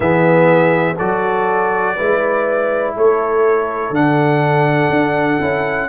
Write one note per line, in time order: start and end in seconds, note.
0.00 0.95 E3
0.00 0.95 B3
0.00 0.96 G#4
0.00 0.96 E5
0.96 1.98 F#3
0.96 1.97 F#4
0.96 1.94 A4
0.96 2.94 D5
1.96 2.96 G#3
1.96 3.93 E4
1.96 2.94 B4
2.95 3.90 A3
2.95 5.89 A4
2.95 3.94 C#5
3.90 4.89 D3
3.90 5.40 D4
3.90 5.89 F#5
4.90 5.39 D4
5.40 5.89 C#4
5.40 5.89 E4